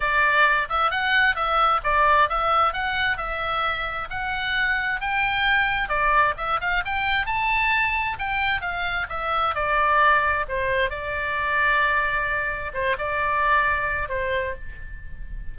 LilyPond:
\new Staff \with { instrumentName = "oboe" } { \time 4/4 \tempo 4 = 132 d''4. e''8 fis''4 e''4 | d''4 e''4 fis''4 e''4~ | e''4 fis''2 g''4~ | g''4 d''4 e''8 f''8 g''4 |
a''2 g''4 f''4 | e''4 d''2 c''4 | d''1 | c''8 d''2~ d''8 c''4 | }